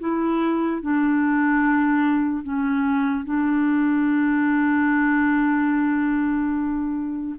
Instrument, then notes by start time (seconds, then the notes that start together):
clarinet
0.00 E4
0.82 D4
2.44 C#4
3.25 D4